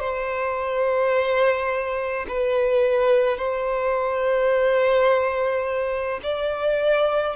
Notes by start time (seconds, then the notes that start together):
0.00 C5
2.28 B4
3.38 C5
6.23 D5